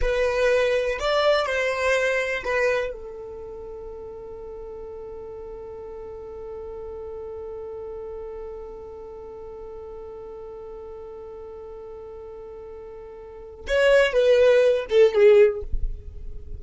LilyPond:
\new Staff \with { instrumentName = "violin" } { \time 4/4 \tempo 4 = 123 b'2 d''4 c''4~ | c''4 b'4 a'2~ | a'1~ | a'1~ |
a'1~ | a'1~ | a'1 | cis''4 b'4. a'8 gis'4 | }